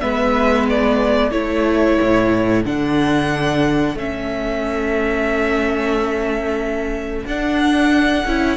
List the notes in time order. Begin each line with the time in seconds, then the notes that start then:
0.00 G#3 B3 B4 E5
0.69 D5
1.31 A3 E4 A4 C#5
2.01 A2
2.65 D3 D4 F#5
3.95 A3 C#4 E5
7.25 D4 F#5
8.25 C#4 E4